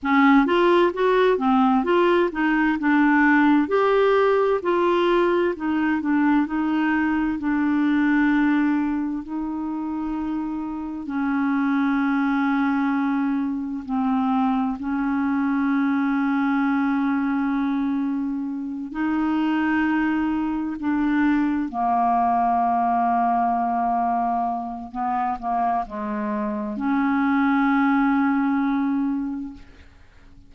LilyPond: \new Staff \with { instrumentName = "clarinet" } { \time 4/4 \tempo 4 = 65 cis'8 f'8 fis'8 c'8 f'8 dis'8 d'4 | g'4 f'4 dis'8 d'8 dis'4 | d'2 dis'2 | cis'2. c'4 |
cis'1~ | cis'8 dis'2 d'4 ais8~ | ais2. b8 ais8 | gis4 cis'2. | }